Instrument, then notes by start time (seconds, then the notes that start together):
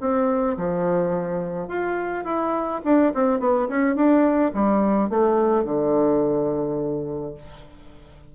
bassoon
0.00 C4
0.57 F3
1.68 F4
2.24 E4
2.84 D4
3.14 C4
3.39 B3
3.68 C#4
3.95 D4
4.53 G3
5.09 A3
5.64 D3